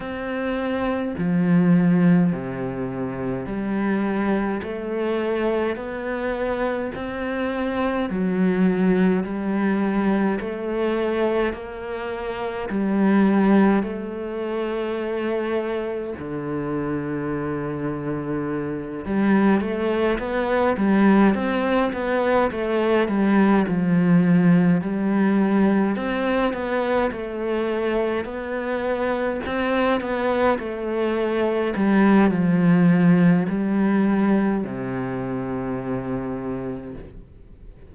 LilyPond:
\new Staff \with { instrumentName = "cello" } { \time 4/4 \tempo 4 = 52 c'4 f4 c4 g4 | a4 b4 c'4 fis4 | g4 a4 ais4 g4 | a2 d2~ |
d8 g8 a8 b8 g8 c'8 b8 a8 | g8 f4 g4 c'8 b8 a8~ | a8 b4 c'8 b8 a4 g8 | f4 g4 c2 | }